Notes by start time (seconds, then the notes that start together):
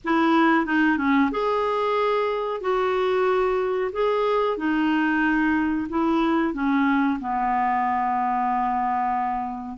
0.04 E4
0.65 D#4
0.97 C#4
1.31 G#4
2.60 F#4
3.92 G#4
4.57 D#4
5.89 E4
6.53 C#4
7.19 B3